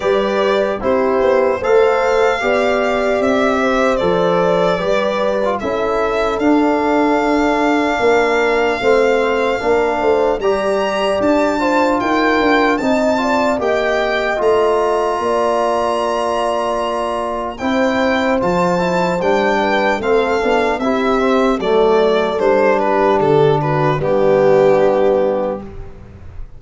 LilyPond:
<<
  \new Staff \with { instrumentName = "violin" } { \time 4/4 \tempo 4 = 75 d''4 c''4 f''2 | e''4 d''2 e''4 | f''1~ | f''4 ais''4 a''4 g''4 |
a''4 g''4 ais''2~ | ais''2 g''4 a''4 | g''4 f''4 e''4 d''4 | c''8 b'8 a'8 b'8 g'2 | }
  \new Staff \with { instrumentName = "horn" } { \time 4/4 b'4 g'4 c''4 d''4~ | d''8 c''4. b'4 a'4~ | a'2 ais'4 c''4 | ais'8 c''8 d''4. c''8 ais'4 |
dis''8 d''8 dis''2 d''4~ | d''2 c''2~ | c''8 b'8 a'4 g'4 a'4~ | a'8 g'4 fis'8 d'2 | }
  \new Staff \with { instrumentName = "trombone" } { \time 4/4 g'4 e'4 a'4 g'4~ | g'4 a'4 g'8. f'16 e'4 | d'2. c'4 | d'4 g'4. f'4. |
dis'8 f'8 g'4 f'2~ | f'2 e'4 f'8 e'8 | d'4 c'8 d'8 e'8 c'8 a4 | d'2 b2 | }
  \new Staff \with { instrumentName = "tuba" } { \time 4/4 g4 c'8 b8 a4 b4 | c'4 f4 g4 cis'4 | d'2 ais4 a4 | ais8 a8 g4 d'4 dis'8 d'8 |
c'4 ais4 a4 ais4~ | ais2 c'4 f4 | g4 a8 b8 c'4 fis4 | g4 d4 g2 | }
>>